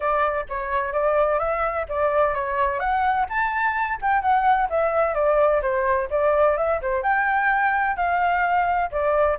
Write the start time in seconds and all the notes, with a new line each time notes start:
0.00 D5
0.49 C#5
0.93 D5
1.39 E5
1.88 D5
2.34 C#5
2.79 F#5
3.29 A5
4.01 G5
4.21 F#5
4.69 E5
5.14 D5
5.62 C5
6.10 D5
6.57 E5
6.81 C5
7.02 G5
7.96 F5
8.91 D5